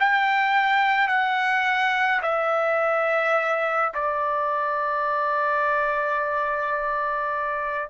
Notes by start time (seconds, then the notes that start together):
0.00 G5
1.08 F#5
2.23 E5
3.94 D5